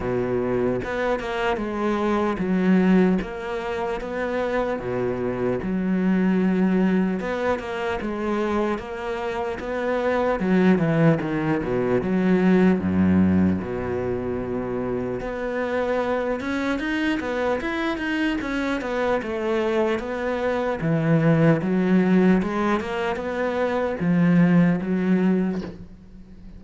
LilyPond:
\new Staff \with { instrumentName = "cello" } { \time 4/4 \tempo 4 = 75 b,4 b8 ais8 gis4 fis4 | ais4 b4 b,4 fis4~ | fis4 b8 ais8 gis4 ais4 | b4 fis8 e8 dis8 b,8 fis4 |
fis,4 b,2 b4~ | b8 cis'8 dis'8 b8 e'8 dis'8 cis'8 b8 | a4 b4 e4 fis4 | gis8 ais8 b4 f4 fis4 | }